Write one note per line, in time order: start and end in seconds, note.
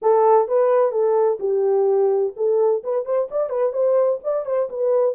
0.02 0.48 A4
0.48 0.91 B4
0.91 1.38 A4
1.39 2.33 G4
2.36 2.83 A4
2.83 3.05 B4
3.05 3.28 C5
3.30 3.49 D5
3.49 3.72 B4
3.72 4.19 C5
4.23 4.45 D5
4.45 4.69 C5
4.69 5.15 B4